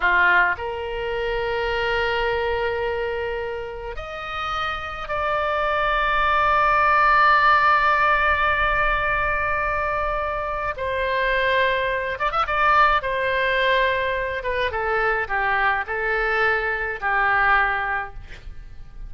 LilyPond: \new Staff \with { instrumentName = "oboe" } { \time 4/4 \tempo 4 = 106 f'4 ais'2.~ | ais'2. dis''4~ | dis''4 d''2.~ | d''1~ |
d''2. c''4~ | c''4. d''16 e''16 d''4 c''4~ | c''4. b'8 a'4 g'4 | a'2 g'2 | }